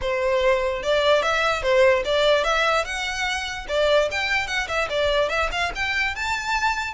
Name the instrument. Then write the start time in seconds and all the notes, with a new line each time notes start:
violin
0.01 C5
0.83 D5
1.22 E5
1.62 C5
2.04 D5
2.44 E5
2.84 F#5
3.68 D5
4.11 G5
4.47 F#5
4.68 E5
4.89 D5
5.29 E5
5.51 F5
5.75 G5
6.15 A5